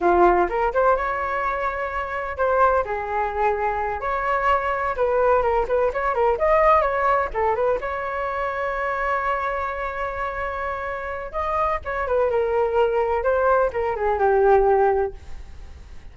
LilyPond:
\new Staff \with { instrumentName = "flute" } { \time 4/4 \tempo 4 = 127 f'4 ais'8 c''8 cis''2~ | cis''4 c''4 gis'2~ | gis'8 cis''2 b'4 ais'8 | b'8 cis''8 ais'8 dis''4 cis''4 a'8 |
b'8 cis''2.~ cis''8~ | cis''1 | dis''4 cis''8 b'8 ais'2 | c''4 ais'8 gis'8 g'2 | }